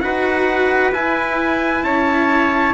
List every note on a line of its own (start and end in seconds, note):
0.00 0.92 D#4
0.00 0.93 F#4
0.00 1.85 B4
0.00 0.91 F#5
0.92 1.83 E4
0.92 2.74 E4
0.92 1.84 G#5
1.83 2.74 C#4
1.83 2.74 C#5
1.83 2.74 A5